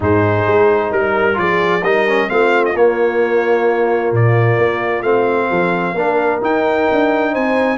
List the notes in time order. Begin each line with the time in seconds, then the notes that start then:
0.00 G#2 D#4 G#4 C5
0.47 G#3
0.90 G3 A#4
1.33 F3 F4 G#4 D5
1.82 G3 D#4 A#4 D#5
2.07 C#4
2.28 A3 C4 F4 F5
2.65 D#5
2.74 A#3 C#5
4.11 A#2 D5
4.57 A#3
5.02 A3 C4 F5
5.49 F3 A4
5.94 A#3 D4 A#4
6.41 D#4 G5
6.91 D4
7.32 C4 C5 G#5